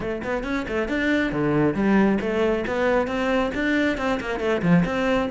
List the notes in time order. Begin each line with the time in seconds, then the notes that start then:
0.00 A3
0.23 B3
0.43 C#4
0.68 A3
0.88 D4
1.32 D3
1.74 G3
2.20 A3
2.67 B3
3.07 C4
3.54 D4
3.97 C4
4.20 A#3
4.39 A3
4.62 F3
4.85 C4